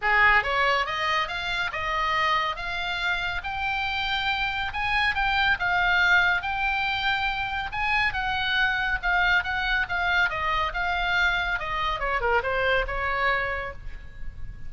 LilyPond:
\new Staff \with { instrumentName = "oboe" } { \time 4/4 \tempo 4 = 140 gis'4 cis''4 dis''4 f''4 | dis''2 f''2 | g''2. gis''4 | g''4 f''2 g''4~ |
g''2 gis''4 fis''4~ | fis''4 f''4 fis''4 f''4 | dis''4 f''2 dis''4 | cis''8 ais'8 c''4 cis''2 | }